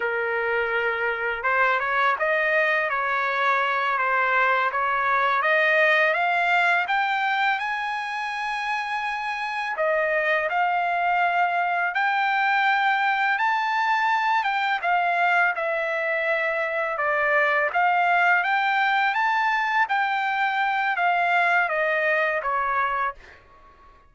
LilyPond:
\new Staff \with { instrumentName = "trumpet" } { \time 4/4 \tempo 4 = 83 ais'2 c''8 cis''8 dis''4 | cis''4. c''4 cis''4 dis''8~ | dis''8 f''4 g''4 gis''4.~ | gis''4. dis''4 f''4.~ |
f''8 g''2 a''4. | g''8 f''4 e''2 d''8~ | d''8 f''4 g''4 a''4 g''8~ | g''4 f''4 dis''4 cis''4 | }